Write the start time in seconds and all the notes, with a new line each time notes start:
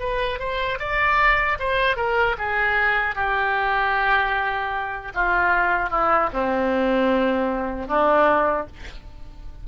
0.00 B4
0.39 C5
0.80 D5
1.60 C5
1.97 A#4
2.39 G#4
3.15 G4
5.15 F4
5.91 E4
6.33 C4
7.88 D4